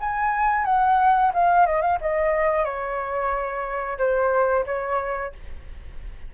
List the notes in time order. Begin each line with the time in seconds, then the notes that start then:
0.00 G#5
0.65 F#5
1.33 F5
1.66 D#5
1.81 F5
2.01 D#5
2.64 C#5
3.98 C5
4.65 C#5